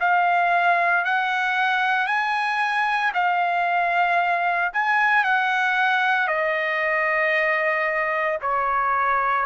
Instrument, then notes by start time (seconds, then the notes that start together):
trumpet
0.00 F5
1.05 F#5
2.07 G#5
3.14 F5
4.73 G#5
5.24 F#5
6.28 D#5
8.42 C#5